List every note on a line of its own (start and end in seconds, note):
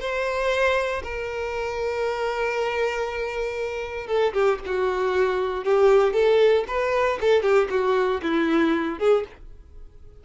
0.00 1.03 C5
1.03 4.07 A#4
4.07 4.33 A4
4.33 4.59 G4
4.66 5.65 F#4
5.65 6.13 G4
6.13 6.65 A4
6.68 7.19 B4
7.21 7.43 A4
7.43 7.68 G4
7.70 8.21 F#4
8.22 8.99 E4
8.99 9.24 G#4